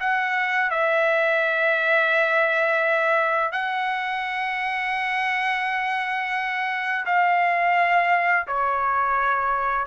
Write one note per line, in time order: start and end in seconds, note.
0.00 0.70 F#5
0.70 3.52 E5
3.52 7.05 F#5
7.06 8.47 F5
8.47 9.86 C#5